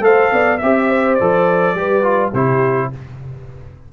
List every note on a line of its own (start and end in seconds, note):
0.00 0.29 A3
0.00 0.59 A4
0.00 0.33 C5
0.00 0.58 F5
0.33 0.61 B3
0.33 0.62 D5
0.58 1.21 C4
0.58 1.20 G4
0.58 1.15 E5
0.58 0.90 E5
0.90 1.77 C5
1.15 1.76 A4
1.15 2.31 D5
1.21 1.75 F3
1.75 2.33 G3
1.75 2.03 G4
1.75 2.32 B4
2.03 2.32 F4
2.32 2.91 C3
2.32 2.93 E4
2.32 2.90 G4
2.32 2.92 C5